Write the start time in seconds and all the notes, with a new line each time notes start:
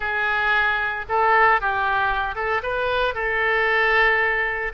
0.00 G#4
1.08 A4
1.61 G4
2.35 A4
2.62 B4
3.14 A4